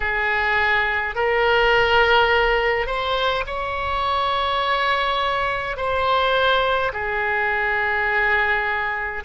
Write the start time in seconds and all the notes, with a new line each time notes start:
0.00 G#4
1.15 A#4
2.86 C5
3.46 C#5
5.76 C5
6.92 G#4